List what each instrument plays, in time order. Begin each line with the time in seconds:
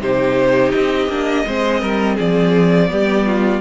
0.00 cello C3, viola D#4, violin G4 C5
0.72 cello C4, violin D#5
1.08 cello A#3, viola D4
1.47 cello G#3, viola C4, violin C5
1.81 cello G3, violin A#4
2.16 cello F3, violin G#4 D5
2.88 cello G3, viola B3, violin G4
3.27 violin F4